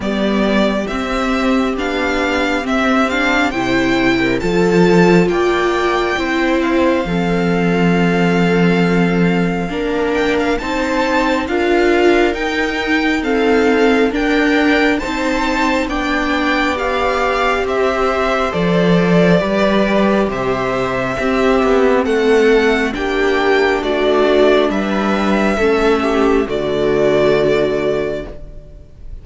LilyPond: <<
  \new Staff \with { instrumentName = "violin" } { \time 4/4 \tempo 4 = 68 d''4 e''4 f''4 e''8 f''8 | g''4 a''4 g''4. f''8~ | f''2.~ f''8 g''16 f''16 | a''4 f''4 g''4 f''4 |
g''4 a''4 g''4 f''4 | e''4 d''2 e''4~ | e''4 fis''4 g''4 d''4 | e''2 d''2 | }
  \new Staff \with { instrumentName = "viola" } { \time 4/4 g'1 | c''8. ais'16 a'4 d''4 c''4 | a'2. ais'4 | c''4 ais'2 a'4 |
ais'4 c''4 d''2 | c''2 b'4 c''4 | g'4 a'4 g'4 fis'4 | b'4 a'8 g'8 fis'2 | }
  \new Staff \with { instrumentName = "viola" } { \time 4/4 b4 c'4 d'4 c'8 d'8 | e'4 f'2 e'4 | c'2. d'4 | dis'4 f'4 dis'4 c'4 |
d'4 dis'4 d'4 g'4~ | g'4 a'4 g'2 | c'2 d'2~ | d'4 cis'4 a2 | }
  \new Staff \with { instrumentName = "cello" } { \time 4/4 g4 c'4 b4 c'4 | c4 f4 ais4 c'4 | f2. ais4 | c'4 d'4 dis'2 |
d'4 c'4 b2 | c'4 f4 g4 c4 | c'8 b8 a4 ais4 a4 | g4 a4 d2 | }
>>